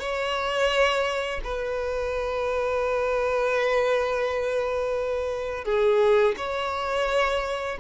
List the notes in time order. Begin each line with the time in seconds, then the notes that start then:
0.00 C#5
1.44 B4
5.65 G#4
6.37 C#5